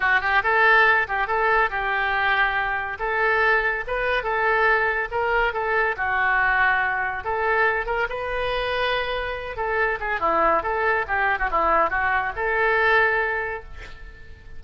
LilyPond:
\new Staff \with { instrumentName = "oboe" } { \time 4/4 \tempo 4 = 141 fis'8 g'8 a'4. g'8 a'4 | g'2. a'4~ | a'4 b'4 a'2 | ais'4 a'4 fis'2~ |
fis'4 a'4. ais'8 b'4~ | b'2~ b'8 a'4 gis'8 | e'4 a'4 g'8. fis'16 e'4 | fis'4 a'2. | }